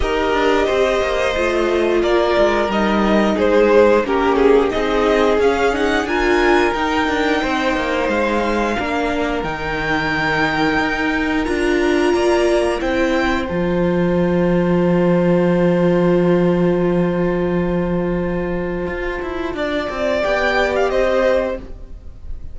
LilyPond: <<
  \new Staff \with { instrumentName = "violin" } { \time 4/4 \tempo 4 = 89 dis''2. d''4 | dis''4 c''4 ais'8 gis'8 dis''4 | f''8 fis''8 gis''4 g''2 | f''2 g''2~ |
g''4 ais''2 g''4 | a''1~ | a''1~ | a''2 g''8. f''16 dis''4 | }
  \new Staff \with { instrumentName = "violin" } { \time 4/4 ais'4 c''2 ais'4~ | ais'4 gis'4 g'4 gis'4~ | gis'4 ais'2 c''4~ | c''4 ais'2.~ |
ais'2 d''4 c''4~ | c''1~ | c''1~ | c''4 d''2 c''4 | }
  \new Staff \with { instrumentName = "viola" } { \time 4/4 g'2 f'2 | dis'2 cis'4 dis'4 | cis'8 dis'8 f'4 dis'2~ | dis'4 d'4 dis'2~ |
dis'4 f'2 e'4 | f'1~ | f'1~ | f'2 g'2 | }
  \new Staff \with { instrumentName = "cello" } { \time 4/4 dis'8 d'8 c'8 ais8 a4 ais8 gis8 | g4 gis4 ais4 c'4 | cis'4 d'4 dis'8 d'8 c'8 ais8 | gis4 ais4 dis2 |
dis'4 d'4 ais4 c'4 | f1~ | f1 | f'8 e'8 d'8 c'8 b4 c'4 | }
>>